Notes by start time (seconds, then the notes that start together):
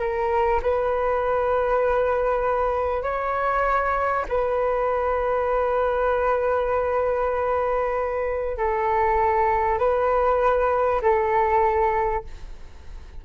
0.00 A#4
0.63 B4
3.03 C#5
4.29 B4
8.58 A4
9.79 B4
11.02 A4